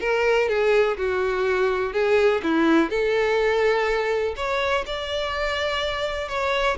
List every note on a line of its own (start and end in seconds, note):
0.00 0.48 A#4
0.48 0.97 G#4
0.97 1.93 F#4
1.93 2.41 G#4
2.43 2.90 E4
2.90 4.35 A4
4.36 4.84 C#5
4.86 6.28 D5
6.28 6.77 C#5